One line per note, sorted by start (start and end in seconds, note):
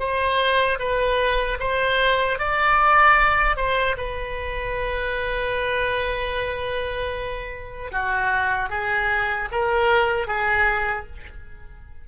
0.00 0.79 C5
0.79 1.58 B4
1.60 2.39 C5
2.39 3.57 D5
3.57 3.96 C5
3.98 7.92 B4
7.92 8.70 F#4
8.70 9.49 G#4
9.52 10.27 A#4
10.27 11.06 G#4